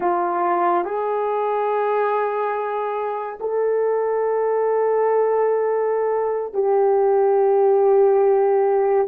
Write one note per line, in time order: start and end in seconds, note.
0.00 0.85 F4
0.85 3.38 G#4
3.40 6.53 A4
6.53 9.07 G4